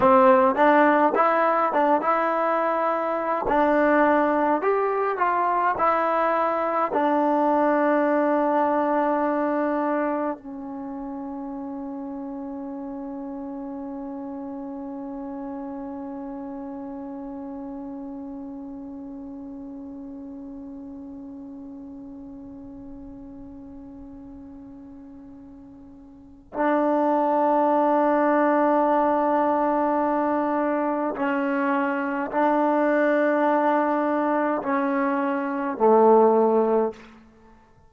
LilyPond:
\new Staff \with { instrumentName = "trombone" } { \time 4/4 \tempo 4 = 52 c'8 d'8 e'8 d'16 e'4~ e'16 d'4 | g'8 f'8 e'4 d'2~ | d'4 cis'2.~ | cis'1~ |
cis'1~ | cis'2. d'4~ | d'2. cis'4 | d'2 cis'4 a4 | }